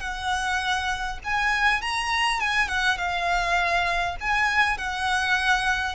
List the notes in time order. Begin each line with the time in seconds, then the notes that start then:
0.00 F#5
1.24 G#5
1.81 A#5
2.40 G#5
2.68 F#5
2.97 F5
4.20 G#5
4.77 F#5